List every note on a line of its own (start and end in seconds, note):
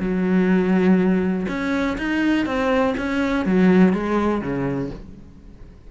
0.00 1.46 F#3
1.48 1.97 C#4
1.98 2.46 D#4
2.46 2.94 C4
2.97 3.45 C#4
3.45 3.93 F#3
3.93 4.42 G#3
4.42 4.90 C#3